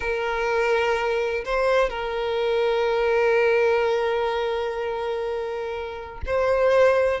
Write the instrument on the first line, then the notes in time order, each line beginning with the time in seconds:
violin
0.00 A#4
1.44 C5
1.89 A#4
6.25 C5